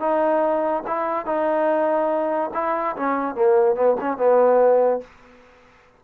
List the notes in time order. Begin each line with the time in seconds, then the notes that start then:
0.00 D#4
0.87 E4
1.26 D#4
2.54 E4
2.97 C#4
3.35 A#3
3.75 B3
4.01 C#4
4.18 B3